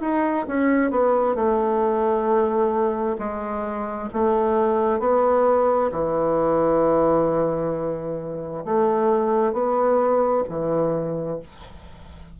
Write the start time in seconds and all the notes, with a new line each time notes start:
0.00 D#4
0.48 C#4
0.90 B3
1.35 A3
3.18 G#3
4.13 A3
5.00 B3
5.91 E3
8.64 A3
9.52 B3
10.49 E3